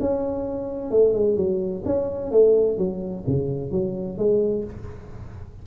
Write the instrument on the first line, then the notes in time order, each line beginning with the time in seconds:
tuba
0.00 C#4
0.91 A3
1.13 G#3
1.37 F#3
1.85 C#4
2.31 A3
2.77 F#3
3.27 C#3
3.71 F#3
4.18 G#3